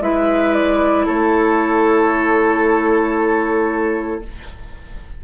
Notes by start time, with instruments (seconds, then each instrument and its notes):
0.00 bassoon G#3, clarinet E4, oboe B4, flute E5
0.53 flute D5
1.05 bassoon A3, oboe A4, flute C#5